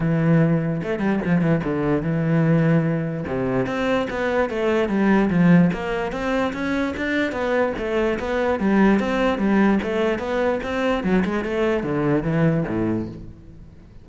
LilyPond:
\new Staff \with { instrumentName = "cello" } { \time 4/4 \tempo 4 = 147 e2 a8 g8 f8 e8 | d4 e2. | c4 c'4 b4 a4 | g4 f4 ais4 c'4 |
cis'4 d'4 b4 a4 | b4 g4 c'4 g4 | a4 b4 c'4 fis8 gis8 | a4 d4 e4 a,4 | }